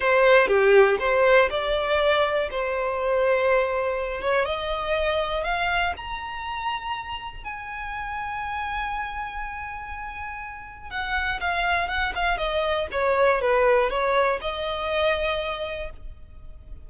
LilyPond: \new Staff \with { instrumentName = "violin" } { \time 4/4 \tempo 4 = 121 c''4 g'4 c''4 d''4~ | d''4 c''2.~ | c''8 cis''8 dis''2 f''4 | ais''2. gis''4~ |
gis''1~ | gis''2 fis''4 f''4 | fis''8 f''8 dis''4 cis''4 b'4 | cis''4 dis''2. | }